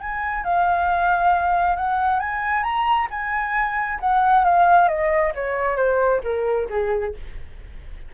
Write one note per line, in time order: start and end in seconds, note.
0.00 0.44 G#5
0.44 1.76 F5
1.76 2.20 F#5
2.20 2.63 G#5
2.63 3.08 A#5
3.10 3.99 G#5
4.00 4.44 F#5
4.44 4.88 F5
4.88 5.33 D#5
5.35 5.76 C#5
5.76 6.21 C5
6.24 6.68 A#4
6.70 7.14 G#4